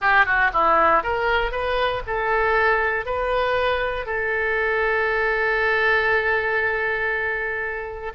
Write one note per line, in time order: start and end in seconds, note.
0.01 0.25 G4
0.25 0.51 F#4
0.53 1.03 E4
1.03 1.51 A#4
1.51 2.02 B4
2.06 3.05 A4
3.05 4.05 B4
4.05 8.12 A4